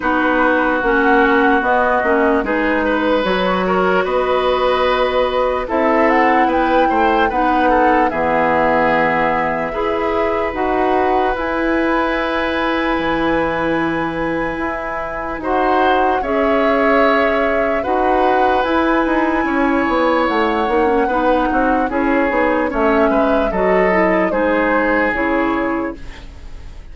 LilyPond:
<<
  \new Staff \with { instrumentName = "flute" } { \time 4/4 \tempo 4 = 74 b'4 fis''4 dis''4 b'4 | cis''4 dis''2 e''8 fis''8 | g''4 fis''4 e''2~ | e''4 fis''4 gis''2~ |
gis''2. fis''4 | e''2 fis''4 gis''4~ | gis''4 fis''2 cis''4 | e''4 dis''4 c''4 cis''4 | }
  \new Staff \with { instrumentName = "oboe" } { \time 4/4 fis'2. gis'8 b'8~ | b'8 ais'8 b'2 a'4 | b'8 c''8 b'8 a'8 gis'2 | b'1~ |
b'2. c''4 | cis''2 b'2 | cis''2 b'8 fis'8 gis'4 | cis''8 b'8 a'4 gis'2 | }
  \new Staff \with { instrumentName = "clarinet" } { \time 4/4 dis'4 cis'4 b8 cis'8 dis'4 | fis'2. e'4~ | e'4 dis'4 b2 | gis'4 fis'4 e'2~ |
e'2. fis'4 | gis'2 fis'4 e'4~ | e'4. dis'16 cis'16 dis'4 e'8 dis'8 | cis'4 fis'8 e'8 dis'4 e'4 | }
  \new Staff \with { instrumentName = "bassoon" } { \time 4/4 b4 ais4 b8 ais8 gis4 | fis4 b2 c'4 | b8 a8 b4 e2 | e'4 dis'4 e'2 |
e2 e'4 dis'4 | cis'2 dis'4 e'8 dis'8 | cis'8 b8 a8 ais8 b8 c'8 cis'8 b8 | a8 gis8 fis4 gis4 cis4 | }
>>